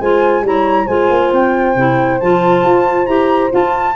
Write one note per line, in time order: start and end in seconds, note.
0.00 0.42 G#3
0.00 0.44 F4
0.00 0.44 C5
0.00 0.45 G#5
0.42 0.86 G3
0.42 0.88 E4
0.42 0.85 C#5
0.42 0.87 A#5
0.85 1.10 G#3
0.85 1.76 F4
0.85 3.94 C5
0.85 1.31 G#5
1.10 1.32 A#3
1.32 1.76 C4
1.32 2.20 G5
1.76 2.20 C3
1.76 2.21 E4
2.20 2.64 F3
2.20 3.07 F4
2.20 3.06 A5
2.64 3.07 F4
3.06 3.51 E4
3.06 3.51 G4
3.06 3.50 A#5
3.51 3.95 F4
3.51 3.95 A5